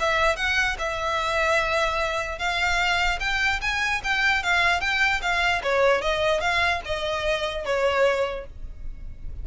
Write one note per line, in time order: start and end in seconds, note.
0.00 0.37 E5
0.37 0.77 F#5
0.79 2.39 E5
2.39 3.20 F5
3.20 3.60 G5
3.62 4.02 G#5
4.04 4.43 G5
4.43 4.81 F5
4.81 5.21 G5
5.22 5.62 F5
5.63 6.02 C#5
6.02 6.41 D#5
6.41 6.81 F5
6.85 7.65 D#5
7.65 8.46 C#5